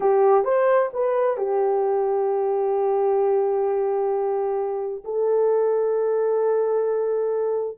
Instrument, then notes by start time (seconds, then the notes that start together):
horn
0.00 G4
0.44 C5
0.93 B4
1.37 G4
5.04 A4